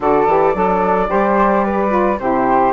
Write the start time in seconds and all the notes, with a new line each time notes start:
0.00 D3 F#4 A4 D5
0.27 E3 G4
0.54 F#3 D4 A4
1.07 G3 G4 C5
1.64 B4
1.89 F4
2.19 C3 E4 G4 C5